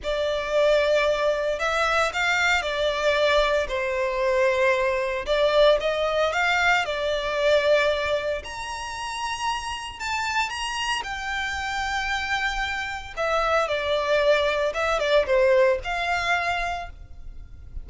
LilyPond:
\new Staff \with { instrumentName = "violin" } { \time 4/4 \tempo 4 = 114 d''2. e''4 | f''4 d''2 c''4~ | c''2 d''4 dis''4 | f''4 d''2. |
ais''2. a''4 | ais''4 g''2.~ | g''4 e''4 d''2 | e''8 d''8 c''4 f''2 | }